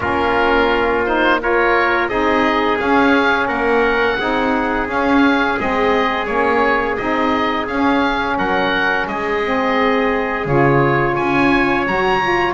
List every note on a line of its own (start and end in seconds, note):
0.00 2.08 A#3
0.00 1.06 C#4
0.00 1.40 F4
0.00 1.05 A#4
1.05 1.40 D#4
1.05 1.40 C5
1.40 2.09 F4
1.40 2.09 A#4
1.40 2.08 C#5
2.08 2.78 C4
2.08 2.78 D#4
2.08 3.47 G#4
2.08 2.78 D#5
2.78 4.18 C#4
2.78 3.48 C#4
2.78 3.48 F5
3.47 4.18 A#3
3.47 4.16 A#4
3.47 4.87 F#5
4.18 4.88 C4
4.18 4.87 D#4
4.18 8.38 G#4
4.87 5.57 C#4
4.87 5.58 C#4
4.87 5.59 F5
5.58 6.28 G#3
5.58 6.27 C4
5.58 6.25 D#5
6.25 6.98 A#3
6.25 6.97 C#4
6.25 6.95 C#5
6.96 7.67 C4
6.96 7.67 D#4
6.96 7.66 D#5
7.67 8.37 C#4
7.67 9.42 C#4
7.67 8.37 F5
8.37 9.06 F#3
8.37 9.07 A#4
8.37 9.07 F#5
9.06 10.45 G#3
9.06 11.14 G#4
9.06 10.47 D#5
9.42 10.47 C4
10.45 11.15 C#3
10.45 11.86 F4
10.45 11.16 C#5
11.14 11.86 C#4
11.14 12.53 C#5
11.14 11.85 G#5
11.86 12.53 F#3
11.86 12.21 F#4
11.86 12.53 A#5
12.21 12.53 F4